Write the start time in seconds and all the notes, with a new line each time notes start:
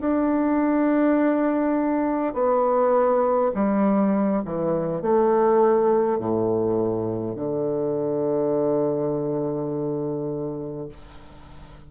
0.00 D4
2.33 B3
3.54 G3
4.44 E3
5.01 A3
6.18 A2
7.35 D3